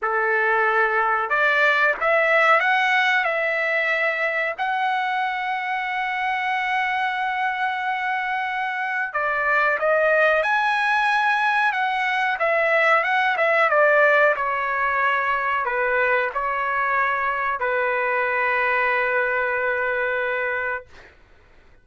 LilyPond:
\new Staff \with { instrumentName = "trumpet" } { \time 4/4 \tempo 4 = 92 a'2 d''4 e''4 | fis''4 e''2 fis''4~ | fis''1~ | fis''2 d''4 dis''4 |
gis''2 fis''4 e''4 | fis''8 e''8 d''4 cis''2 | b'4 cis''2 b'4~ | b'1 | }